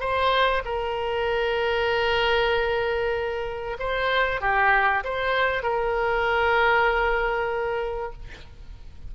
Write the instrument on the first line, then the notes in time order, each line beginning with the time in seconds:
oboe
0.00 C5
0.65 A#4
3.80 C5
4.41 G4
5.04 C5
5.63 A#4